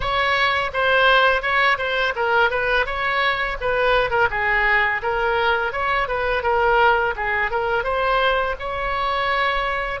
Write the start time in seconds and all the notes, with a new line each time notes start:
0.00 C#5
0.73 C5
1.42 C#5
1.78 C5
2.15 A#4
2.50 B4
2.86 C#5
3.60 B4
4.10 A#4
4.30 G#4
5.02 A#4
5.72 C#5
6.07 B4
6.43 A#4
7.16 G#4
7.50 A#4
7.83 C5
8.59 C#5